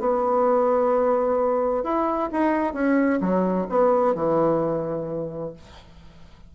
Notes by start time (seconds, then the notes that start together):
0.00 B3
1.84 E4
2.32 D#4
2.74 C#4
3.21 F#3
3.70 B3
4.15 E3